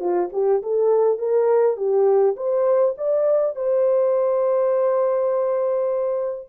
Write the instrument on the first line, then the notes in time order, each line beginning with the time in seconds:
horn
0.00 F4
0.33 G4
0.62 A4
1.19 A#4
1.77 G4
2.37 C5
2.98 D5
3.56 C5